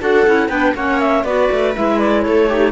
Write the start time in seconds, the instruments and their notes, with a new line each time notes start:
0.00 cello D4, clarinet F#4 F#5, viola A4
0.26 cello C#4, clarinet E4
0.48 cello B3, clarinet D4 G5, viola B4
0.74 cello A#3, clarinet C#4 F#5, viola C#5
0.99 clarinet E5
1.24 cello B3, clarinet F#4 D5, viola B4
1.51 cello A3
1.74 cello G#3, clarinet E4 E5
1.99 clarinet D5
2.21 cello A3, viola A4, clarinet C#5
2.48 clarinet D#4, viola G4